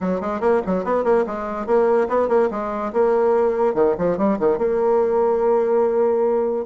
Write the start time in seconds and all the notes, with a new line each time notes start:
0.00 F#3
0.20 G#3
0.40 A#3
0.66 F#3
0.84 B3
1.04 A#3
1.26 G#3
1.66 A#3
2.08 B3
2.28 A#3
2.51 G#3
2.92 A#3
3.74 D#3
3.98 F3
4.17 G3
4.39 D#3
4.58 A#3